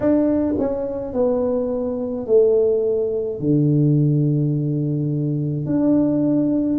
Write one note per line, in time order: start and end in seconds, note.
0.00 0.55 D4
0.58 1.13 C#4
1.13 2.26 B3
2.26 3.39 A3
3.39 5.66 D3
5.66 6.79 D4